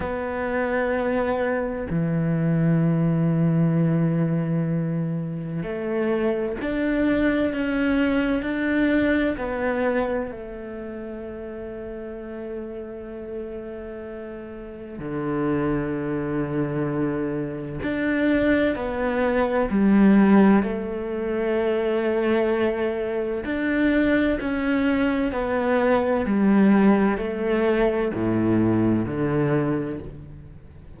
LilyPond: \new Staff \with { instrumentName = "cello" } { \time 4/4 \tempo 4 = 64 b2 e2~ | e2 a4 d'4 | cis'4 d'4 b4 a4~ | a1 |
d2. d'4 | b4 g4 a2~ | a4 d'4 cis'4 b4 | g4 a4 a,4 d4 | }